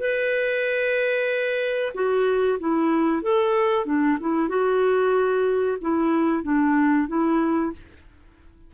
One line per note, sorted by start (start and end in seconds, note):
0.00 1.94 B4
1.94 2.59 F#4
2.60 3.22 E4
3.22 3.86 A4
3.86 4.18 D4
4.20 4.49 E4
4.49 5.78 F#4
5.81 6.43 E4
6.43 7.08 D4
7.08 7.73 E4